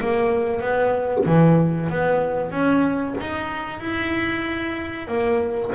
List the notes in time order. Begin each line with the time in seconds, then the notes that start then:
0.00 A#3
0.61 B3
1.26 E3
1.89 B3
2.51 C#4
3.20 D#4
3.80 E4
5.07 A#3